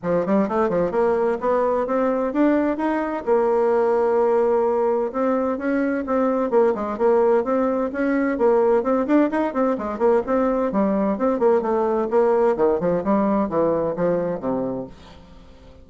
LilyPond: \new Staff \with { instrumentName = "bassoon" } { \time 4/4 \tempo 4 = 129 f8 g8 a8 f8 ais4 b4 | c'4 d'4 dis'4 ais4~ | ais2. c'4 | cis'4 c'4 ais8 gis8 ais4 |
c'4 cis'4 ais4 c'8 d'8 | dis'8 c'8 gis8 ais8 c'4 g4 | c'8 ais8 a4 ais4 dis8 f8 | g4 e4 f4 c4 | }